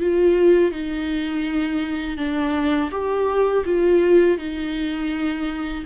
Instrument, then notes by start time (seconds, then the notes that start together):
viola
0.00 F4
0.72 D#4
2.18 D4
2.92 G4
3.65 F4
4.38 D#4